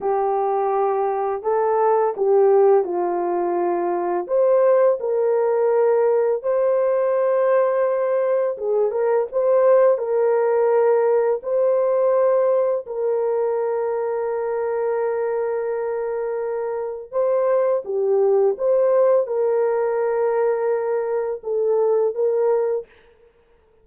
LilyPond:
\new Staff \with { instrumentName = "horn" } { \time 4/4 \tempo 4 = 84 g'2 a'4 g'4 | f'2 c''4 ais'4~ | ais'4 c''2. | gis'8 ais'8 c''4 ais'2 |
c''2 ais'2~ | ais'1 | c''4 g'4 c''4 ais'4~ | ais'2 a'4 ais'4 | }